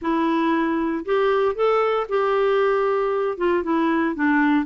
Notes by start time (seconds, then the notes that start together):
0.01 E4
1.05 G4
1.55 A4
2.08 G4
3.37 F4
3.63 E4
4.15 D4